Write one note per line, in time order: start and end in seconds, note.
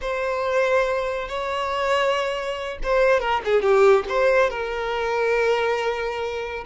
0.01 1.28 C5
1.28 2.78 C#5
2.83 3.19 C5
3.19 3.41 A#4
3.45 3.62 G#4
3.62 4.04 G4
4.08 4.50 C5
4.50 6.64 A#4